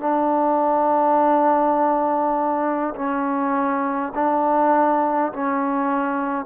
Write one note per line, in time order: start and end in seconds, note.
0.00 2.94 D4
2.95 4.13 C#4
4.14 5.32 D4
5.33 6.45 C#4